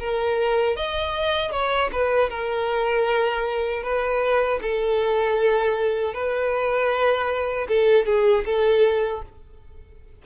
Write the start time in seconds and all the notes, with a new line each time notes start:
0.00 A#4
0.77 D#5
1.52 C#5
1.93 B4
2.30 A#4
3.84 B4
4.62 A4
6.14 B4
7.69 A4
8.06 G#4
8.46 A4